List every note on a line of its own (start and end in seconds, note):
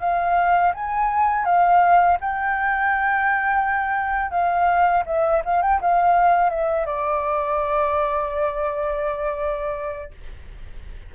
0.00 0.72 F5
0.74 1.45 G#5
1.45 2.17 F5
2.20 4.31 G5
4.31 5.03 F5
5.06 5.42 E5
5.44 5.62 F5
5.62 5.80 G5
5.81 6.50 F5
6.50 6.85 E5
6.85 10.11 D5